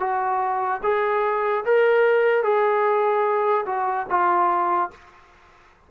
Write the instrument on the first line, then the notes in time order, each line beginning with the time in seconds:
trombone
0.00 F#4
0.83 G#4
1.65 A#4
2.43 G#4
3.66 F#4
4.09 F4